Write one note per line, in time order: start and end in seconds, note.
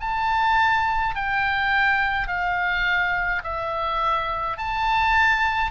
0.00 1.15 A5
1.15 2.27 G5
2.27 3.42 F5
3.43 4.57 E5
4.57 5.71 A5